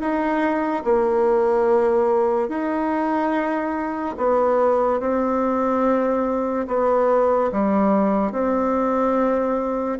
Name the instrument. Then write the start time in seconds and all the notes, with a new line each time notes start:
bassoon
0.00 D#4
0.84 A#3
2.49 D#4
4.17 B3
5.00 C4
6.67 B3
7.52 G3
8.32 C4